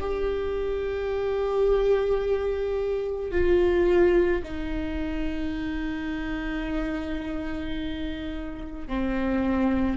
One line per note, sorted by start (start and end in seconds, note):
0.00 3.31 G4
3.31 4.42 F4
4.43 8.88 D#4
8.88 9.97 C4